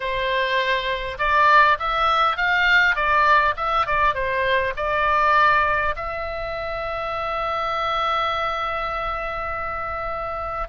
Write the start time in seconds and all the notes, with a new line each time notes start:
0.00 C5
1.18 D5
1.79 E5
2.37 F5
2.95 D5
3.56 E5
3.86 D5
4.14 C5
4.76 D5
5.95 E5